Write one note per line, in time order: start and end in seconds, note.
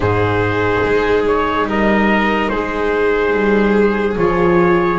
0.00 0.83 G#2
0.00 4.14 D#4
0.00 1.66 G#4
0.00 1.26 C5
0.84 1.65 G#3
1.26 1.68 C#5
1.65 2.48 G3
1.65 2.51 A#4
1.65 2.49 D#5
2.49 3.33 G#3
2.49 4.98 G#4
2.49 4.16 C5
3.33 4.16 G3
4.17 4.98 F3
4.17 4.98 F4
4.17 4.98 C#5